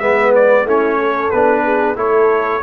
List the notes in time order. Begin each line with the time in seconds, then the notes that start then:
0.00 G#3 B3 B4 E5
0.36 D5
0.65 A3 C#4 E4 C#5
0.99 A4
1.31 B3 D4 B4
1.65 G#4
1.96 A3 E4 A4 C#5